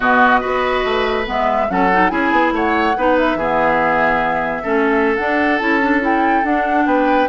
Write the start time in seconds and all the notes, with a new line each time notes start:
0.00 B2 B3 F#4 D#5
0.40 B3 F#4 B4
0.84 A3
1.25 G#3 B3 E5
1.68 F#3 C#4 A4 F#5
1.92 D#4
2.08 C#4 E4 G#4 G#5
2.31 B3
2.52 A3 C#5 F#5
2.96 B3 D#4 B4
3.17 E5
3.34 E3 B3 G#4
4.63 A3 C#4 A4
5.16 D4 F#5
5.58 C#4 E4 A5
5.81 D4
6.00 E4 G5
6.43 D4 F#5
6.85 B3 B4 G5